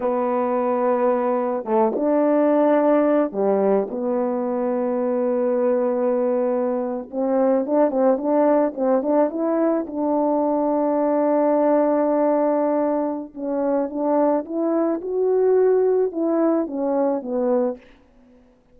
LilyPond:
\new Staff \with { instrumentName = "horn" } { \time 4/4 \tempo 4 = 108 b2. a8 d'8~ | d'2 g4 b4~ | b1~ | b8. c'4 d'8 c'8 d'4 c'16~ |
c'16 d'8 e'4 d'2~ d'16~ | d'1 | cis'4 d'4 e'4 fis'4~ | fis'4 e'4 cis'4 b4 | }